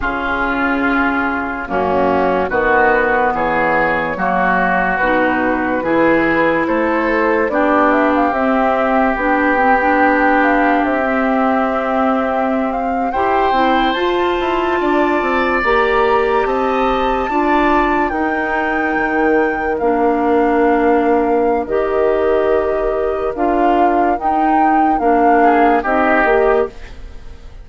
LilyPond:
<<
  \new Staff \with { instrumentName = "flute" } { \time 4/4 \tempo 4 = 72 gis'2 fis'4 b'4 | cis''2 b'2 | c''4 d''8 e''16 f''16 e''4 g''4~ | g''8 f''8 e''2~ e''16 f''8 g''16~ |
g''8. a''2 ais''4 a''16~ | a''4.~ a''16 g''2 f''16~ | f''2 dis''2 | f''4 g''4 f''4 dis''4 | }
  \new Staff \with { instrumentName = "oboe" } { \time 4/4 f'2 cis'4 fis'4 | gis'4 fis'2 gis'4 | a'4 g'2.~ | g'2.~ g'8. c''16~ |
c''4.~ c''16 d''2 dis''16~ | dis''8. d''4 ais'2~ ais'16~ | ais'1~ | ais'2~ ais'8 gis'8 g'4 | }
  \new Staff \with { instrumentName = "clarinet" } { \time 4/4 cis'2 ais4 b4~ | b4 ais4 dis'4 e'4~ | e'4 d'4 c'4 d'8 c'16 d'16~ | d'4~ d'16 c'2~ c'8 g'16~ |
g'16 e'8 f'2 g'4~ g'16~ | g'8. f'4 dis'2 d'16~ | d'2 g'2 | f'4 dis'4 d'4 dis'8 g'8 | }
  \new Staff \with { instrumentName = "bassoon" } { \time 4/4 cis2 fis,4 dis4 | e4 fis4 b,4 e4 | a4 b4 c'4 b4~ | b4 c'2~ c'8. e'16~ |
e'16 c'8 f'8 e'8 d'8 c'8 ais4 c'16~ | c'8. d'4 dis'4 dis4 ais16~ | ais2 dis2 | d'4 dis'4 ais4 c'8 ais8 | }
>>